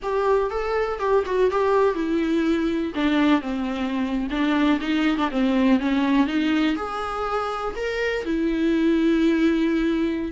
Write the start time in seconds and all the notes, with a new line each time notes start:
0.02 G4
0.50 A4
0.99 G4
1.26 F#4
1.50 G4
1.94 E4
2.94 D4
3.41 C4
4.30 D4
4.80 D#4
5.17 D4
5.30 C4
5.79 C#4
6.26 D#4
6.76 G#4
7.75 A#4
8.25 E4